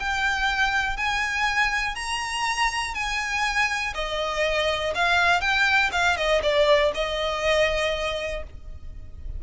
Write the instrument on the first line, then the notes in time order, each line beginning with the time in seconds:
violin
0.00 G5
0.97 G#5
1.96 A#5
2.95 G#5
3.95 D#5
4.95 F5
5.41 G5
5.92 F5
6.17 D#5
6.43 D5
6.95 D#5